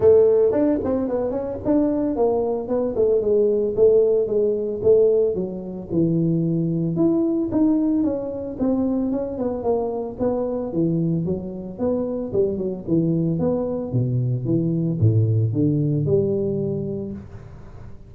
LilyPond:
\new Staff \with { instrumentName = "tuba" } { \time 4/4 \tempo 4 = 112 a4 d'8 c'8 b8 cis'8 d'4 | ais4 b8 a8 gis4 a4 | gis4 a4 fis4 e4~ | e4 e'4 dis'4 cis'4 |
c'4 cis'8 b8 ais4 b4 | e4 fis4 b4 g8 fis8 | e4 b4 b,4 e4 | a,4 d4 g2 | }